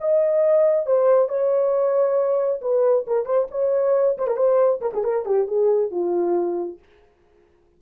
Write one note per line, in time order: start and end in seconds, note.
0.00 0.86 D#5
0.86 1.29 C5
1.29 2.61 C#5
2.62 3.06 B4
3.07 3.25 A#4
3.25 3.48 C5
3.51 4.17 C#5
4.18 4.28 C5
4.28 4.37 A#4
4.37 4.81 C5
4.81 4.92 A#4
4.94 5.04 G#4
5.04 5.26 A#4
5.26 5.47 G4
5.47 5.91 G#4
5.91 6.79 F4